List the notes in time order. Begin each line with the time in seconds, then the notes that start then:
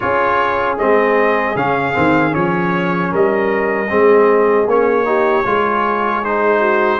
0.00 C#4 F4 G#4 C#5
0.77 G#3 C4 D#5
1.55 C#3 C#4 F5
1.93 D#3 C4
2.30 F3 C#4 C#5
3.11 G3 A#4 D#5
3.89 G#3 C4 G#4
4.66 A#3 C#4 C#5
5.05 D#4 G4
5.45 G#3 F4 G#4
6.23 D#4 C5
6.59 F#4